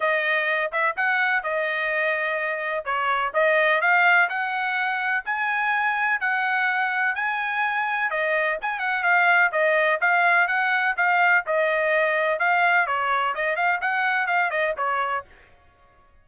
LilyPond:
\new Staff \with { instrumentName = "trumpet" } { \time 4/4 \tempo 4 = 126 dis''4. e''8 fis''4 dis''4~ | dis''2 cis''4 dis''4 | f''4 fis''2 gis''4~ | gis''4 fis''2 gis''4~ |
gis''4 dis''4 gis''8 fis''8 f''4 | dis''4 f''4 fis''4 f''4 | dis''2 f''4 cis''4 | dis''8 f''8 fis''4 f''8 dis''8 cis''4 | }